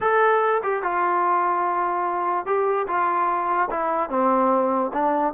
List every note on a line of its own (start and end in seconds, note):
0.00 0.61 A4
0.63 0.83 G4
0.83 2.46 F4
2.46 2.86 G4
2.87 3.69 F4
3.70 4.09 E4
4.09 4.91 C4
4.93 5.33 D4